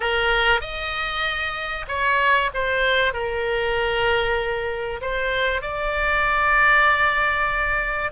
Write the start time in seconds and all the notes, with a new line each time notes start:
0.00 A#4
0.60 D#5
1.88 C#5
2.53 C5
3.13 A#4
5.01 C5
5.61 D5